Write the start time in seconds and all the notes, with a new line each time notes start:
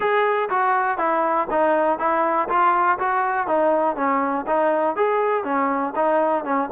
0.00 G#4
0.49 F#4
0.98 E4
1.50 D#4
1.99 E4
2.48 F4
2.99 F#4
3.47 D#4
3.96 C#4
4.46 D#4
4.96 G#4
5.44 C#4
5.95 D#4
6.44 C#4